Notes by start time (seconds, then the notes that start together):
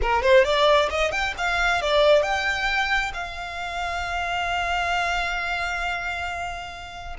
0.01 A#4
0.22 C5
0.44 D5
0.90 D#5
1.11 G5
1.37 F5
1.81 D5
2.22 G5
3.13 F5